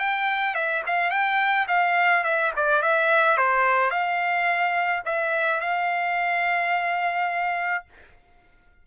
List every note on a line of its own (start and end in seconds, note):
0.00 0.55 G5
0.55 0.83 E5
0.87 1.11 F5
1.11 1.67 G5
1.68 2.24 F5
2.24 2.52 E5
2.57 2.83 D5
2.83 3.38 E5
3.38 3.91 C5
3.91 5.03 F5
5.06 5.61 E5
5.61 7.85 F5